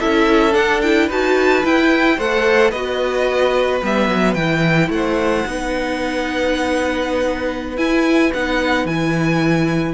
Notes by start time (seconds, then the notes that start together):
0.00 C#4 E4 A4 E5
0.52 D4 F#5
0.82 E4 G5
1.07 D#4 F#4 B4 A5
1.63 E4 G5
2.18 A3 A4 C5 F#5
2.71 B3 F#4 B4 D#5
3.82 G3 B3 E5
4.09 F#3
4.35 E3 E4 G5
4.90 A3 C5 F#5
5.46 B3 D#4 B4
7.77 E4 G#5
8.34 B3 D#4 F#5
8.85 E3 E4 G#5